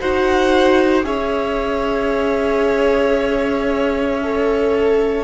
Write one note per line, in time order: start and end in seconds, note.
0.00 1.04 D#4
0.00 1.04 F#4
0.00 1.05 C5
0.00 1.05 F#5
1.04 5.24 C#4
1.04 4.20 G#4
1.04 5.24 C#5
1.04 5.24 E5
4.23 5.24 A4